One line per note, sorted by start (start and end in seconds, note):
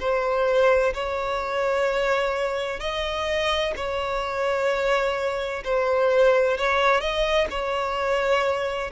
0.00 0.94 C5
0.94 2.80 C#5
2.80 3.74 D#5
3.76 5.64 C#5
5.65 6.58 C5
6.58 7.01 C#5
7.01 7.48 D#5
7.50 8.91 C#5